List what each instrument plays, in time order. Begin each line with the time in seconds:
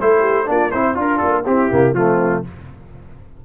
0.00 tuba A3, trombone E4, horn A4, trumpet C5
0.20 horn G4
0.46 tuba A#3, trombone D4, horn F4, trumpet D5
0.71 tuba C4, horn E4, trombone E4, trumpet C5
0.95 tuba D4, horn D4, trombone F4, trumpet A#4
1.18 tuba A#3, trumpet A4
1.46 tuba C4, trombone C4, horn E4, trumpet G4
1.71 tuba C3, trombone A#3
1.93 tuba F3, trombone A3, horn C4, trumpet F4